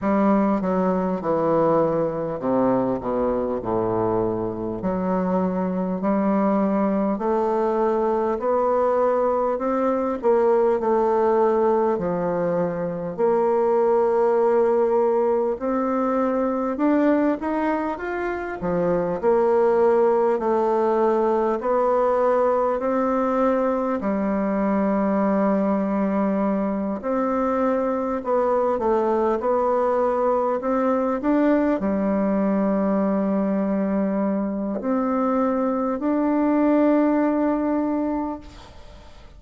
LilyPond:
\new Staff \with { instrumentName = "bassoon" } { \time 4/4 \tempo 4 = 50 g8 fis8 e4 c8 b,8 a,4 | fis4 g4 a4 b4 | c'8 ais8 a4 f4 ais4~ | ais4 c'4 d'8 dis'8 f'8 f8 |
ais4 a4 b4 c'4 | g2~ g8 c'4 b8 | a8 b4 c'8 d'8 g4.~ | g4 c'4 d'2 | }